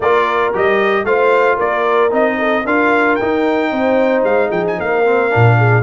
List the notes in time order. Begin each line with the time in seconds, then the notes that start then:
0.00 A#3 F4 A#4 D5
0.53 G3 G4 D#5
1.04 A3 F4 C5 F5
1.56 A#3 A#4 D5
2.10 C4 D#4 D#5
2.38 A4
2.65 D4 F4 A#4 F5
3.15 D#4 G5
3.71 C4 C5
4.23 G#3 F5
4.49 F3 G#4 G5
4.67 G#5
4.79 A#3 A#4 F5
5.05 C4
5.30 A#2 D4
5.57 G#4